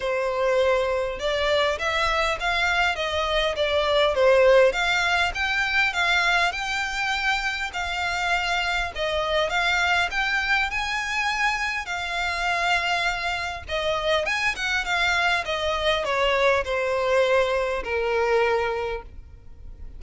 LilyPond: \new Staff \with { instrumentName = "violin" } { \time 4/4 \tempo 4 = 101 c''2 d''4 e''4 | f''4 dis''4 d''4 c''4 | f''4 g''4 f''4 g''4~ | g''4 f''2 dis''4 |
f''4 g''4 gis''2 | f''2. dis''4 | gis''8 fis''8 f''4 dis''4 cis''4 | c''2 ais'2 | }